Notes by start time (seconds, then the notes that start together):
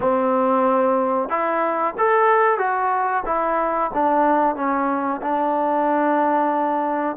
0.00 C4
1.29 E4
1.97 A4
2.58 F#4
3.25 E4
3.93 D4
4.55 C#4
5.22 D4